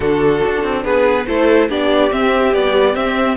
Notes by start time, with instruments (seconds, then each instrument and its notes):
0.00 cello D3, viola D4, violin F#4 A4
0.44 cello D4
0.63 cello C4
0.84 cello B3, violin G#4 B4
1.26 cello A3, viola E4, violin A4 C5
1.69 cello B3, viola D4, violin G4 D5
2.10 viola C4, cello C4, violin E5
2.53 viola G3, cello B3, violin D5
2.93 viola C4, cello C4, violin E5